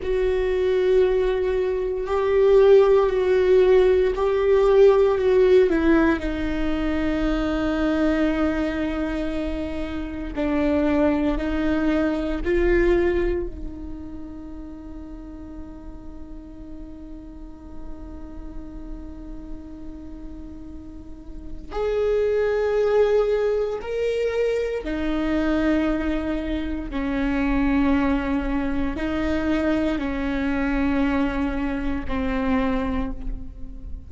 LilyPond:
\new Staff \with { instrumentName = "viola" } { \time 4/4 \tempo 4 = 58 fis'2 g'4 fis'4 | g'4 fis'8 e'8 dis'2~ | dis'2 d'4 dis'4 | f'4 dis'2.~ |
dis'1~ | dis'4 gis'2 ais'4 | dis'2 cis'2 | dis'4 cis'2 c'4 | }